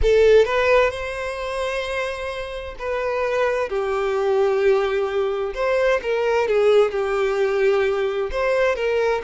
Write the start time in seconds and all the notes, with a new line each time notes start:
0.02 A4
0.44 B4
0.90 C5
2.78 B4
3.69 G4
5.54 C5
6.02 A#4
6.48 G#4
6.91 G4
8.31 C5
8.75 A#4